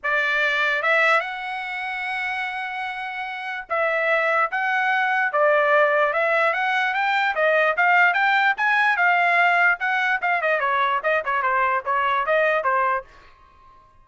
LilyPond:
\new Staff \with { instrumentName = "trumpet" } { \time 4/4 \tempo 4 = 147 d''2 e''4 fis''4~ | fis''1~ | fis''4 e''2 fis''4~ | fis''4 d''2 e''4 |
fis''4 g''4 dis''4 f''4 | g''4 gis''4 f''2 | fis''4 f''8 dis''8 cis''4 dis''8 cis''8 | c''4 cis''4 dis''4 c''4 | }